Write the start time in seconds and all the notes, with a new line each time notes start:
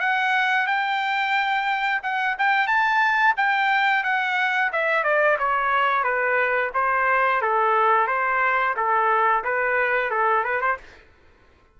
0.00 F#5
0.67 G5
2.03 F#5
2.38 G5
2.67 A5
3.37 G5
4.04 F#5
4.72 E5
5.03 D5
5.39 C#5
6.03 B4
6.74 C5
7.42 A4
8.07 C5
8.76 A4
9.44 B4
10.11 A4
10.44 B4
10.61 C5